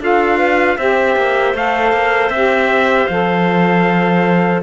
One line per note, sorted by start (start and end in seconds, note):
0.00 0.77 D4
0.00 0.78 F4
0.00 0.38 A4
0.00 0.78 F5
0.38 0.77 B4
0.78 1.16 C4
0.78 1.55 G4
0.78 4.63 C5
0.78 1.55 E5
1.16 1.54 A#3
1.54 1.92 A3
1.54 2.32 A4
1.54 2.30 F5
1.92 2.30 A#3
2.30 3.07 C4
2.30 3.11 G4
2.30 3.07 E5
3.07 4.63 F3
3.07 4.63 A4
3.07 4.61 F5